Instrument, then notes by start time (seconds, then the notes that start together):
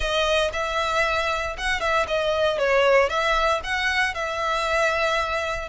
violin
0.00 D#5
0.53 E5
1.57 F#5
1.80 E5
2.07 D#5
2.58 C#5
3.09 E5
3.63 F#5
4.14 E5